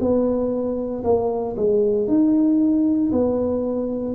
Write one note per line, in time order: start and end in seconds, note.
0.00 1.03 B3
1.04 1.56 A#3
1.57 2.08 G#3
2.08 3.11 D#4
3.12 4.15 B3